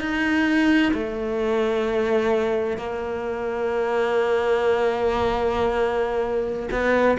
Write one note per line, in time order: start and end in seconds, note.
0.00 0.92 D#4
0.93 2.77 A3
2.77 6.69 A#3
6.71 7.17 B3